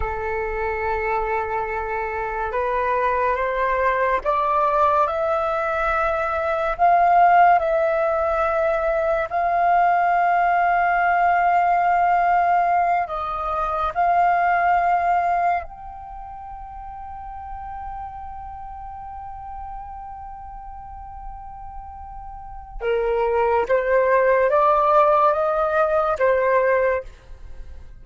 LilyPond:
\new Staff \with { instrumentName = "flute" } { \time 4/4 \tempo 4 = 71 a'2. b'4 | c''4 d''4 e''2 | f''4 e''2 f''4~ | f''2.~ f''8 dis''8~ |
dis''8 f''2 g''4.~ | g''1~ | g''2. ais'4 | c''4 d''4 dis''4 c''4 | }